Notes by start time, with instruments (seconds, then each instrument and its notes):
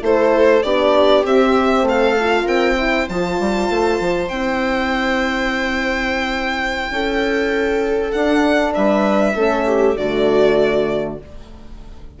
0.00 bassoon A3, horn E4, viola A4, violin C5
0.62 bassoon B3, horn D4, viola G4, violin D5
1.23 bassoon C4, horn C4, violin E5
1.82 bassoon A3
1.88 viola A4, violin F5
2.19 horn F4
2.44 bassoon C4, viola A#4, violin G5
2.76 horn E4, viola C5
3.09 bassoon F3, horn F4, violin A5
3.39 bassoon G3
3.69 bassoon A3
4.00 bassoon F3
4.28 bassoon C4, horn E4, violin G5
6.89 bassoon C#4, viola A4
8.11 horn D4, bassoon D4, violin F#5
8.73 bassoon G3, viola B4, violin E5
9.34 bassoon A3, horn C#4, viola A4
9.66 viola G4
9.96 bassoon D3, horn A3, viola F#4, violin D5